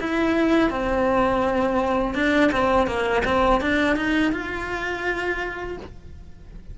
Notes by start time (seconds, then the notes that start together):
0.00 E4
0.70 C4
2.15 D4
2.51 C4
2.87 A#3
3.24 C4
3.61 D4
3.96 D#4
4.32 F4